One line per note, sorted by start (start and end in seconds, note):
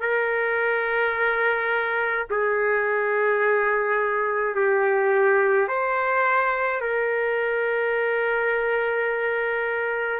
0.00 2.26 A#4
2.30 4.55 G#4
4.55 5.68 G4
5.68 6.81 C5
6.81 10.19 A#4